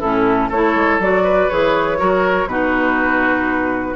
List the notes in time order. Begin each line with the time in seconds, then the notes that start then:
0.00 A2 C#4 E4 A4
0.49 A3 E4 A4 C#5
0.75 G#3
0.99 F#3 F#4 D5
1.23 B4
1.49 E3 G#4 C#5
1.98 F#3 F#4 A#4
2.45 B2 D#4 F#4 B4